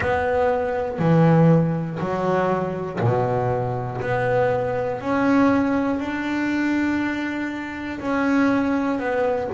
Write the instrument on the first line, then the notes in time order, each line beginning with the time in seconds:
double bass
0.00 B3
0.99 E3
1.99 F#3
3.00 B2
4.00 B3
5.00 C#4
5.99 D4
8.00 C#4
8.99 B3